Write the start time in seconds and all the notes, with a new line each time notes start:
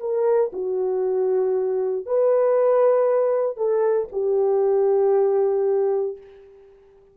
0.00 A#4
0.53 F#4
2.06 B4
3.57 A4
4.12 G4